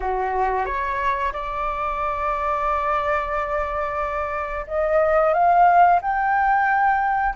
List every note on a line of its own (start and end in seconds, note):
0.00 0.65 F#4
0.65 1.32 C#5
1.32 4.66 D5
4.67 5.33 D#5
5.33 6.00 F5
6.01 7.35 G5